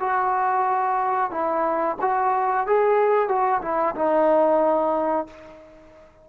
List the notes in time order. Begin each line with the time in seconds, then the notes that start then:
0.00 F#4
1.31 E4
2.01 F#4
2.67 G#4
3.28 F#4
3.62 E4
3.95 D#4